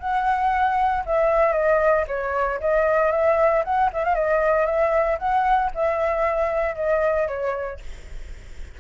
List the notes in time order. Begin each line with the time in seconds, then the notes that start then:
0.00 F#5
1.06 E5
1.53 D#5
2.08 C#5
2.60 D#5
3.12 E5
3.64 F#5
3.93 E5
4.04 F5
4.15 D#5
4.66 E5
5.19 F#5
5.75 E5
6.76 D#5
7.28 C#5